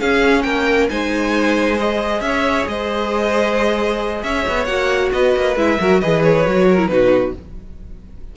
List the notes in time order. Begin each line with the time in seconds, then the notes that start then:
0.00 C#4 G#4 F5
0.42 A#3 A#4 G5
0.90 G#3 D#4 C5 G#5
1.77 G#4 D#5
2.21 C#4 C#5 E5
2.68 G#3 C5 D#5
4.23 C#4 C#5 E5
4.49 B3
4.65 A#3 F#4 F#5
5.13 B3 B4 D#5
5.36 A#3
5.56 G#3 E4 E5
5.80 F#3 F#4 A#4
6.00 E3 G#4 B4 D#5
6.23 C#5
6.46 F#3 F#4
6.69 A#4
6.79 E4
6.87 B2 D#4 F#4 B4